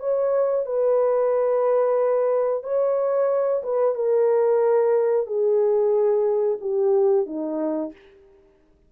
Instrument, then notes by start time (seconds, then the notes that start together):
horn
0.00 C#5
0.66 B4
2.63 C#5
3.63 B4
3.95 A#4
5.26 G#4
6.61 G4
7.26 D#4